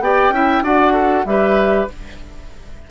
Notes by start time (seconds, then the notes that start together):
0.00 B3 G4 D5 G5
0.29 C#4 E4 E5
0.62 D4 F#4 D5 F#5
0.93 A4
1.24 G3 G4 B4 E5